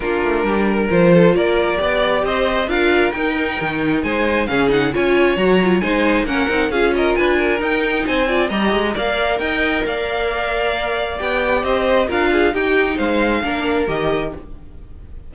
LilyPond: <<
  \new Staff \with { instrumentName = "violin" } { \time 4/4 \tempo 4 = 134 ais'2 c''4 d''4~ | d''4 dis''4 f''4 g''4~ | g''4 gis''4 f''8 fis''8 gis''4 | ais''4 gis''4 fis''4 f''8 dis''8 |
gis''4 g''4 gis''4 ais''4 | f''4 g''4 f''2~ | f''4 g''4 dis''4 f''4 | g''4 f''2 dis''4 | }
  \new Staff \with { instrumentName = "violin" } { \time 4/4 f'4 g'8 ais'4 a'8 ais'4 | d''4 c''4 ais'2~ | ais'4 c''4 gis'4 cis''4~ | cis''4 c''4 ais'4 gis'8 ais'8 |
b'8 ais'4. c''8 d''8 dis''4 | d''4 dis''4 d''2~ | d''2 c''4 ais'8 gis'8 | g'4 c''4 ais'2 | }
  \new Staff \with { instrumentName = "viola" } { \time 4/4 d'2 f'2 | g'2 f'4 dis'4~ | dis'2 cis'8 dis'8 f'4 | fis'8 f'8 dis'4 cis'8 dis'8 f'4~ |
f'4 dis'4. f'8 g'4 | ais'1~ | ais'4 g'2 f'4 | dis'2 d'4 g'4 | }
  \new Staff \with { instrumentName = "cello" } { \time 4/4 ais8 a8 g4 f4 ais4 | b4 c'4 d'4 dis'4 | dis4 gis4 cis4 cis'4 | fis4 gis4 ais8 c'8 cis'4 |
d'4 dis'4 c'4 g8 gis8 | ais4 dis'4 ais2~ | ais4 b4 c'4 d'4 | dis'4 gis4 ais4 dis4 | }
>>